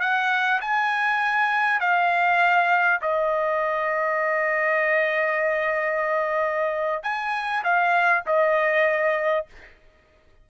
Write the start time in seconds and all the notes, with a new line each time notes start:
0.00 F#5
0.61 G#5
1.80 F5
3.01 D#5
7.03 G#5
7.64 F5
8.26 D#5